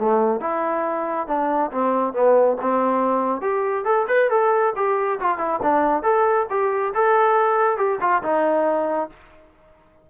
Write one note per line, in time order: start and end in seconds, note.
0.00 0.41 A3
0.41 1.27 E4
1.27 1.71 D4
1.72 2.13 C4
2.13 2.57 B3
2.61 3.42 C4
3.42 3.85 G4
3.85 4.07 A4
4.08 4.30 B4
4.30 4.74 A4
4.76 5.20 G4
5.20 5.38 F4
5.38 5.60 E4
5.63 6.03 D4
6.03 6.47 A4
6.50 6.94 G4
6.94 7.77 A4
7.77 7.99 G4
8.01 8.23 F4
8.23 9.10 D#4